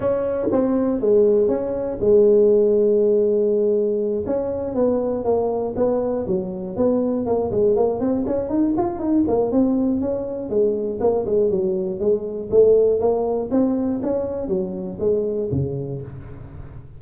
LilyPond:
\new Staff \with { instrumentName = "tuba" } { \time 4/4 \tempo 4 = 120 cis'4 c'4 gis4 cis'4 | gis1~ | gis8 cis'4 b4 ais4 b8~ | b8 fis4 b4 ais8 gis8 ais8 |
c'8 cis'8 dis'8 f'8 dis'8 ais8 c'4 | cis'4 gis4 ais8 gis8 fis4 | gis4 a4 ais4 c'4 | cis'4 fis4 gis4 cis4 | }